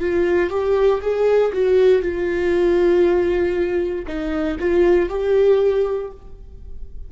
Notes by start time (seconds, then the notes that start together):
0.00 F4
0.50 G4
1.01 G#4
1.53 F#4
2.02 F4
4.07 D#4
4.59 F4
5.09 G4